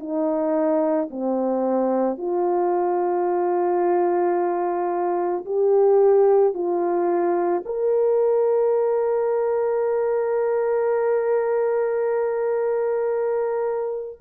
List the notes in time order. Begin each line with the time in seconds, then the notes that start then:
0.00 D#4
1.11 C4
2.18 F4
5.45 G4
6.54 F4
7.66 A#4